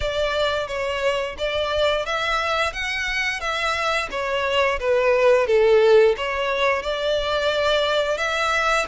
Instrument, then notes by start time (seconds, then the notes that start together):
violin
0.00 D5
0.67 C#5
1.38 D5
2.05 E5
2.73 F#5
3.40 E5
4.11 C#5
4.79 B4
5.47 A4
6.16 C#5
6.82 D5
8.17 E5